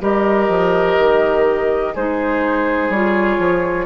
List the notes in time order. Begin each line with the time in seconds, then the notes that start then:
0.00 G3 G4 A#4 D#5
0.49 F3
0.98 D#3
1.94 G#3 D#4 G#4 C5
2.89 G3 F4 C#5
3.38 F3